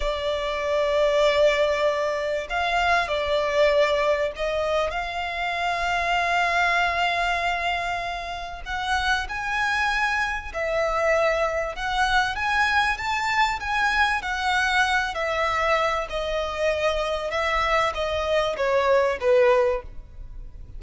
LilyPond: \new Staff \with { instrumentName = "violin" } { \time 4/4 \tempo 4 = 97 d''1 | f''4 d''2 dis''4 | f''1~ | f''2 fis''4 gis''4~ |
gis''4 e''2 fis''4 | gis''4 a''4 gis''4 fis''4~ | fis''8 e''4. dis''2 | e''4 dis''4 cis''4 b'4 | }